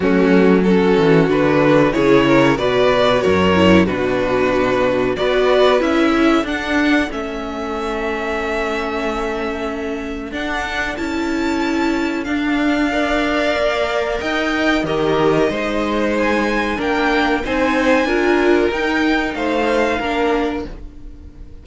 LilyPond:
<<
  \new Staff \with { instrumentName = "violin" } { \time 4/4 \tempo 4 = 93 fis'4 a'4 b'4 cis''4 | d''4 cis''4 b'2 | d''4 e''4 fis''4 e''4~ | e''1 |
fis''4 a''2 f''4~ | f''2 g''4 dis''4~ | dis''4 gis''4 g''4 gis''4~ | gis''4 g''4 f''2 | }
  \new Staff \with { instrumentName = "violin" } { \time 4/4 cis'4 fis'2 gis'8 ais'8 | b'4 ais'4 fis'2 | b'4. a'2~ a'8~ | a'1~ |
a'1 | d''2 dis''4 ais'4 | c''2 ais'4 c''4 | ais'2 c''4 ais'4 | }
  \new Staff \with { instrumentName = "viola" } { \time 4/4 a4 cis'4 d'4 e'4 | fis'4. e'8 d'2 | fis'4 e'4 d'4 cis'4~ | cis'1 |
d'4 e'2 d'4 | ais'2. g'4 | dis'2 d'4 dis'4 | f'4 dis'2 d'4 | }
  \new Staff \with { instrumentName = "cello" } { \time 4/4 fis4. e8 d4 cis4 | b,4 fis,4 b,2 | b4 cis'4 d'4 a4~ | a1 |
d'4 cis'2 d'4~ | d'4 ais4 dis'4 dis4 | gis2 ais4 c'4 | d'4 dis'4 a4 ais4 | }
>>